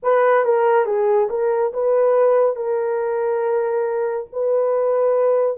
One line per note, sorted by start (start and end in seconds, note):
0.02 0.44 B4
0.44 0.85 A#4
0.85 1.28 G#4
1.29 1.72 A#4
1.73 2.56 B4
2.56 4.27 A#4
4.32 5.57 B4